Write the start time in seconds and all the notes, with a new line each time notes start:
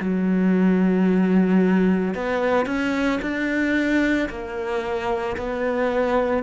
0.00 F#3
2.14 B3
2.66 C#4
3.21 D4
4.30 A#3
5.37 B3